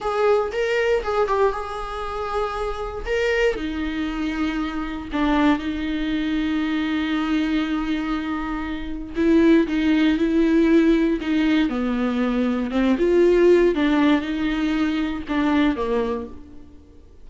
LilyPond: \new Staff \with { instrumentName = "viola" } { \time 4/4 \tempo 4 = 118 gis'4 ais'4 gis'8 g'8 gis'4~ | gis'2 ais'4 dis'4~ | dis'2 d'4 dis'4~ | dis'1~ |
dis'2 e'4 dis'4 | e'2 dis'4 b4~ | b4 c'8 f'4. d'4 | dis'2 d'4 ais4 | }